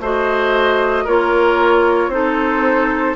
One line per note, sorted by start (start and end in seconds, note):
0.00 1.05 A3
0.00 1.07 F#4
0.00 1.04 C5
0.00 1.07 D#5
1.04 2.08 A#3
1.04 2.11 F4
1.04 2.09 A#4
1.04 2.10 C#5
2.08 3.13 C4
2.08 3.15 D#4
2.08 3.15 A4
2.08 3.15 C5